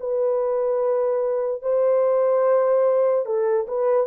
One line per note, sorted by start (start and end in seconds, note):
0.00 1.62 B4
1.62 3.25 C5
3.25 3.67 A4
3.67 4.06 B4